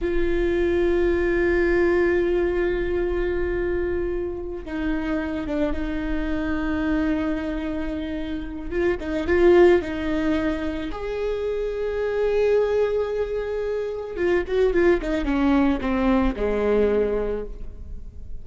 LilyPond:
\new Staff \with { instrumentName = "viola" } { \time 4/4 \tempo 4 = 110 f'1~ | f'1~ | f'8 dis'4. d'8 dis'4.~ | dis'1 |
f'8 dis'8 f'4 dis'2 | gis'1~ | gis'2 f'8 fis'8 f'8 dis'8 | cis'4 c'4 gis2 | }